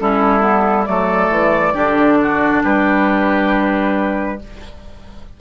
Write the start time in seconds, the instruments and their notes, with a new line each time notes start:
0.00 bassoon G3, clarinet C#4, oboe E4, flute A4
0.40 clarinet B3
0.85 bassoon F#3, clarinet A3, oboe A4, flute D5
1.30 bassoon E3
1.74 bassoon D3, clarinet D4, oboe G4
2.22 oboe F#4
2.63 bassoon G3, oboe G4, flute B4